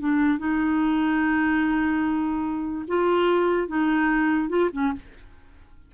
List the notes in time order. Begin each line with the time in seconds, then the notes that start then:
0.00 D4
0.39 D#4
2.88 F4
3.69 D#4
4.50 F4
4.73 C#4